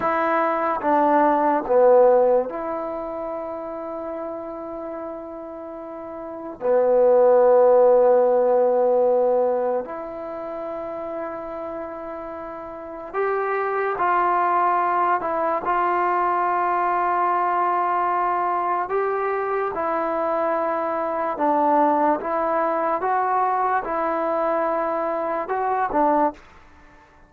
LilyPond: \new Staff \with { instrumentName = "trombone" } { \time 4/4 \tempo 4 = 73 e'4 d'4 b4 e'4~ | e'1 | b1 | e'1 |
g'4 f'4. e'8 f'4~ | f'2. g'4 | e'2 d'4 e'4 | fis'4 e'2 fis'8 d'8 | }